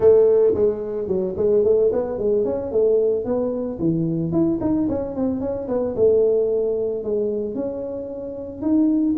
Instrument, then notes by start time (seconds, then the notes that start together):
tuba
0.00 A3
0.54 G#3
1.07 F#3
1.37 G#3
1.64 A3
1.92 B3
2.18 G#3
2.44 C#4
2.71 A3
3.24 B3
3.79 E3
4.31 E4
4.61 D#4
4.88 C#4
5.15 C4
5.40 C#4
5.68 B3
5.95 A3
7.03 G#3
7.54 C#4
8.61 D#4